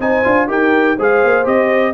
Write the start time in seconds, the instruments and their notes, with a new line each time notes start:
0.00 tuba C4, trombone D#4, horn C5, trumpet G#5
0.24 tuba D4, trombone F4
0.48 tuba D#4, trombone G4, horn A#4, trumpet G5
0.97 tuba G#3, trombone G#4, horn C5, trumpet F5
1.24 tuba A#3
1.44 tuba C4, trombone G4, trumpet D#5